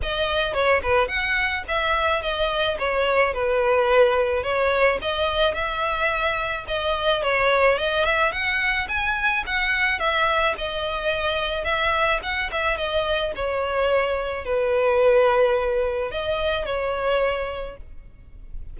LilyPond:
\new Staff \with { instrumentName = "violin" } { \time 4/4 \tempo 4 = 108 dis''4 cis''8 b'8 fis''4 e''4 | dis''4 cis''4 b'2 | cis''4 dis''4 e''2 | dis''4 cis''4 dis''8 e''8 fis''4 |
gis''4 fis''4 e''4 dis''4~ | dis''4 e''4 fis''8 e''8 dis''4 | cis''2 b'2~ | b'4 dis''4 cis''2 | }